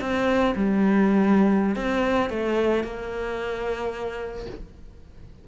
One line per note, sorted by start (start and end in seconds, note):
0.00 0.54 C4
0.55 1.75 G3
1.75 2.29 C4
2.29 2.83 A3
2.83 4.45 A#3